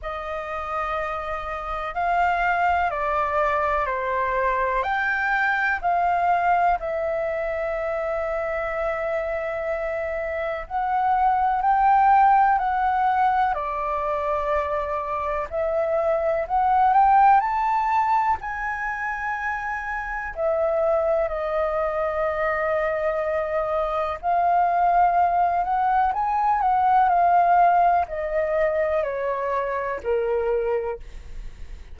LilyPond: \new Staff \with { instrumentName = "flute" } { \time 4/4 \tempo 4 = 62 dis''2 f''4 d''4 | c''4 g''4 f''4 e''4~ | e''2. fis''4 | g''4 fis''4 d''2 |
e''4 fis''8 g''8 a''4 gis''4~ | gis''4 e''4 dis''2~ | dis''4 f''4. fis''8 gis''8 fis''8 | f''4 dis''4 cis''4 ais'4 | }